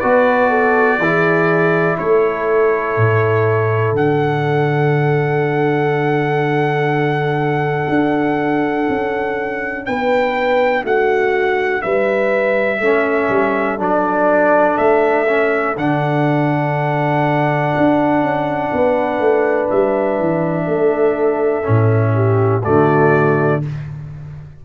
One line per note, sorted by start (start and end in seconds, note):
0.00 0.98 B3
0.00 1.01 F#4
0.00 0.49 B4
0.00 1.97 D5
0.49 0.98 A4
0.98 1.96 E3
0.98 3.97 E4
0.98 1.97 G#4
1.98 2.96 A3
1.98 9.86 A4
1.98 3.94 C#5
2.96 3.92 A2
3.92 7.85 D3
3.92 12.82 D4
3.92 9.85 F#5
7.89 8.87 D4
8.89 9.87 C#4
9.85 10.83 B3
9.85 10.84 B4
9.85 10.84 G5
10.83 11.82 A3
10.83 11.82 F#4
10.83 11.82 F#5
11.82 12.79 G3
11.82 12.78 B4
11.82 13.78 E5
12.78 13.28 A3
12.78 13.78 C#4
12.78 18.69 A4
13.29 13.78 G3
13.78 14.76 F#3
13.78 15.26 D4
13.78 14.77 D5
14.77 15.76 A3
14.77 15.75 E5
15.27 15.76 C#4
15.76 17.73 D3
15.76 21.63 D4
15.76 19.69 F#5
17.77 18.21 D4
18.21 18.70 C#4
18.72 19.19 B3
18.72 20.67 B4
19.19 19.68 A3
19.69 20.19 G3
19.69 22.64 E5
20.19 20.67 E3
20.67 21.65 A3
20.67 22.14 A4
21.63 22.66 A2
21.63 22.62 C#4
22.14 22.63 G4
22.63 23.65 D3
22.63 23.62 A3
22.63 23.61 F#4
22.63 23.62 D5